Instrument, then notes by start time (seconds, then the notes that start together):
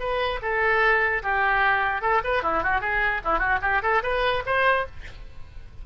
oboe
0.00 B4
0.42 A4
1.23 G4
2.02 A4
2.24 B4
2.43 E4
2.63 F#4
2.81 G#4
3.25 E4
3.39 F#4
3.62 G4
3.83 A4
4.03 B4
4.46 C5